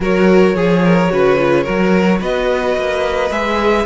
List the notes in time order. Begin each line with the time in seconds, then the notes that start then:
0.00 F#3 F#4 A#4 C#5
0.54 F3 G#4
0.84 A#4
1.09 C#3 F#4 B4
1.38 F4
1.63 F#3 F#4 A#4
2.20 B3 B4 D#5
2.77 A#3
3.30 G#3 G#4 E5